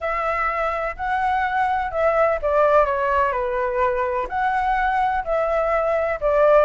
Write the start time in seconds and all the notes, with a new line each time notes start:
0.00 E5
0.96 F#5
1.91 E5
2.42 D5
2.85 C#5
3.32 B4
4.28 F#5
5.24 E5
6.20 D5